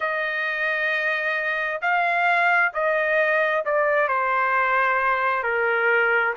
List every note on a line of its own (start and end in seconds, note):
0.00 1.80 D#5
1.81 2.72 F5
2.73 3.64 D#5
3.65 4.08 D5
4.08 5.43 C5
5.43 6.33 A#4